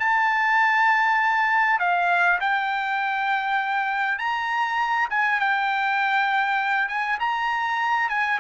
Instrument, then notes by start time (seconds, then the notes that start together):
trumpet
0.00 A5
1.79 F5
2.41 G5
4.19 A#5
5.10 G#5
5.41 G5
6.89 G#5
7.20 A#5
8.09 G#5